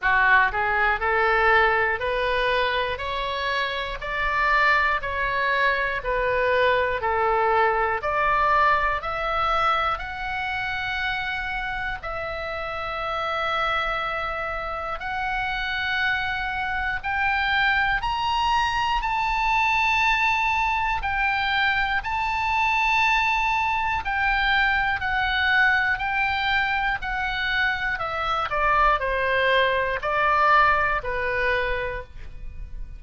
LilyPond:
\new Staff \with { instrumentName = "oboe" } { \time 4/4 \tempo 4 = 60 fis'8 gis'8 a'4 b'4 cis''4 | d''4 cis''4 b'4 a'4 | d''4 e''4 fis''2 | e''2. fis''4~ |
fis''4 g''4 ais''4 a''4~ | a''4 g''4 a''2 | g''4 fis''4 g''4 fis''4 | e''8 d''8 c''4 d''4 b'4 | }